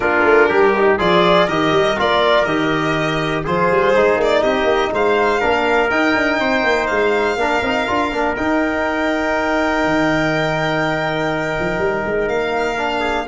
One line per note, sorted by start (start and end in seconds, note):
0.00 0.23 A#3
0.00 0.73 D4
0.00 0.48 F4
0.00 0.95 A#4
0.23 0.48 A3
0.48 0.98 G3
0.48 0.97 G4
0.77 0.99 D#4
0.98 1.48 F3
0.98 1.48 F4
0.98 1.46 G#4
0.98 1.48 D5
1.46 1.71 D#3
1.46 1.96 G4
1.46 3.43 A#4
1.46 1.98 D#5
1.71 1.95 G3
1.96 2.45 A#3
1.96 2.45 F4
1.96 2.44 D5
2.44 3.43 D#3
2.44 3.45 G4
2.44 3.43 D#5
3.44 3.71 F3
3.44 3.95 F4
3.44 4.42 G#4
3.44 4.20 C5
3.71 3.95 G3
3.95 4.16 G#3
3.95 5.40 D#4
4.16 4.41 A#3
4.16 4.43 D5
4.42 4.63 C4
4.42 4.91 G4
4.42 4.92 D#5
4.63 4.88 A#3
4.93 5.42 G#3
4.93 5.40 C5
4.93 5.89 F5
5.40 5.90 A#3
5.40 5.89 D4
5.40 6.38 A#4
5.89 6.14 D#4
5.89 7.37 D#4
5.89 6.86 G5
6.15 6.39 D4
6.39 6.63 C4
6.39 7.38 C5
6.63 6.88 A#3
6.86 7.36 G#3
6.86 8.34 F5
7.36 7.60 A#3
7.36 7.62 D4
7.36 12.99 A#4
7.61 7.86 C4
7.61 7.87 D#4
7.87 8.12 D4
7.87 8.12 F4
8.12 8.36 A#3
8.12 8.36 D4
8.36 9.84 D#4
8.36 12.77 D#4
8.36 12.28 G5
9.84 11.56 D#3
11.59 11.78 F3
11.78 12.03 G3
12.05 12.28 G#3
12.28 13.27 A#3
12.28 13.27 F5
12.77 13.26 D4
12.99 13.24 G#4